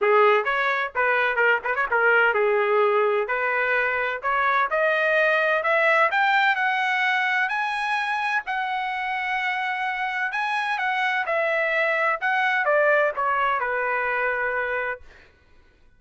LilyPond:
\new Staff \with { instrumentName = "trumpet" } { \time 4/4 \tempo 4 = 128 gis'4 cis''4 b'4 ais'8 b'16 cis''16 | ais'4 gis'2 b'4~ | b'4 cis''4 dis''2 | e''4 g''4 fis''2 |
gis''2 fis''2~ | fis''2 gis''4 fis''4 | e''2 fis''4 d''4 | cis''4 b'2. | }